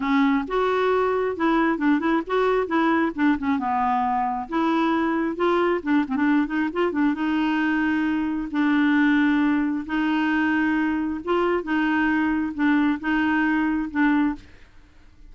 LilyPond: \new Staff \with { instrumentName = "clarinet" } { \time 4/4 \tempo 4 = 134 cis'4 fis'2 e'4 | d'8 e'8 fis'4 e'4 d'8 cis'8 | b2 e'2 | f'4 d'8 c'16 d'8. dis'8 f'8 d'8 |
dis'2. d'4~ | d'2 dis'2~ | dis'4 f'4 dis'2 | d'4 dis'2 d'4 | }